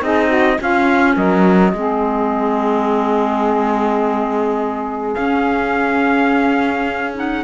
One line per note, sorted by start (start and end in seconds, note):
0.00 0.58 C4
0.00 0.57 D#4
0.00 0.27 G#4
0.00 0.60 D#5
0.27 0.56 F#4
0.59 1.73 C#4
0.59 1.16 C#4
0.59 1.16 F4
0.59 1.16 F5
1.16 1.73 F#3
1.16 1.73 A#4
1.16 5.14 D#5
1.73 5.16 G#3
1.73 5.18 C4
1.73 7.44 G#4
5.14 7.44 C#4
5.14 7.14 C#4
5.14 7.14 F5
7.14 7.43 D#4
7.14 7.44 F#5